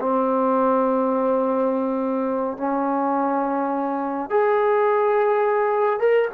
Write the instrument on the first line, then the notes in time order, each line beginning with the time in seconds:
trombone
0.00 C4
2.57 C#4
4.30 G#4
5.99 A#4